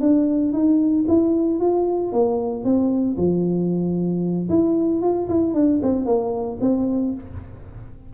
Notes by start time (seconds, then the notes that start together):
0.00 D4
0.52 D#4
1.08 E4
1.60 F4
2.12 A#3
2.64 C4
3.17 F3
4.49 E4
5.01 F4
5.28 E4
5.54 D4
5.82 C4
6.05 A#3
6.61 C4